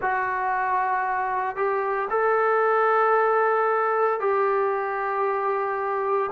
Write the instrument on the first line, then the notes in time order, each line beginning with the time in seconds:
trombone
0.01 F#4
1.56 G4
2.10 A4
4.20 G4